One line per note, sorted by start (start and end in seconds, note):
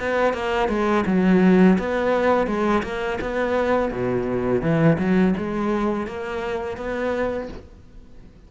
0.00 0.34 B3
0.34 0.69 A#3
0.69 1.05 G#3
1.06 1.78 F#3
1.79 2.47 B3
2.47 2.83 G#3
2.83 3.19 A#3
3.21 3.92 B3
3.92 4.62 B2
4.62 4.98 E3
4.99 5.35 F#3
5.38 6.07 G#3
6.07 6.77 A#3
6.77 7.49 B3